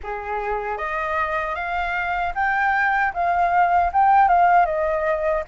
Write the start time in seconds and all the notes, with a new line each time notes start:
0.03 G#4
0.77 D#5
1.55 F5
2.34 G5
3.13 F5
3.92 G5
4.28 F5
4.65 D#5